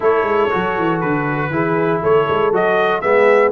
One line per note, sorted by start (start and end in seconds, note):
0.00 0.23 A3
0.00 0.49 E4
0.00 1.50 A4
0.00 1.00 C#5
0.23 0.48 G#3
0.50 0.78 F#3
0.50 1.51 F#4
0.78 1.02 E3
1.00 1.50 D3
1.00 2.01 B4
1.50 2.00 E3
1.50 2.52 E4
1.50 2.02 G#4
2.02 2.28 A3
2.02 3.02 A4
2.02 2.54 C#5
2.29 2.52 G#3
2.52 3.03 F#3
2.52 3.01 F#4
2.52 3.01 D#5
3.01 3.51 G#3
3.01 3.51 B3
3.01 3.51 G#4
3.01 3.51 E5